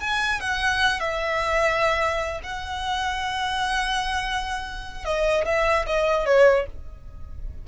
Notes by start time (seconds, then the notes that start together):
0.00 G#5
0.40 F#5
1.00 E5
2.43 F#5
5.05 D#5
5.45 E5
5.86 D#5
6.26 C#5